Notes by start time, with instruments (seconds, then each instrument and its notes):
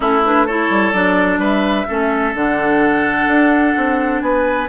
0.00 bassoon A3, clarinet C#4, oboe E4, flute A4
0.25 clarinet D4, flute B4
0.46 clarinet E4, oboe A4, flute C#5
0.69 bassoon G3
0.92 bassoon F#3, clarinet D4, flute D5
1.38 bassoon G3, oboe B4, flute E5
1.87 bassoon A3, clarinet C#4, oboe A4
2.34 bassoon D3, clarinet D4, flute F#5
3.26 bassoon D4
3.76 bassoon C4
4.21 bassoon B3, oboe B4, flute G#5